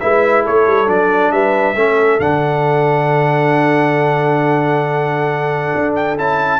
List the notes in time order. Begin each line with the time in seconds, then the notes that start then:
0.00 G#3 E4 B4 E5
0.44 A3 A4 C#5
0.67 G3
0.86 F#3 D4 D5
1.32 G3 B4 E5
1.75 A3 C#4 A4
2.20 D3 D4 F#5
5.75 D4
5.95 G5
6.18 C#4 E4 A5